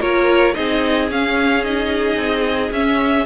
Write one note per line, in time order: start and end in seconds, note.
0.00 0.56 A#3
0.00 0.55 F4
0.00 0.54 A#4
0.00 0.55 C#5
0.55 1.11 C4
0.55 1.09 D#4
0.55 3.26 G#4
0.55 1.09 D#5
1.11 2.16 C#4
1.11 1.64 C#4
1.11 1.64 F5
1.64 2.72 D#4
1.64 2.72 D#5
2.16 2.70 C4
2.71 3.25 C#4
2.71 3.26 C#4
2.71 3.26 E5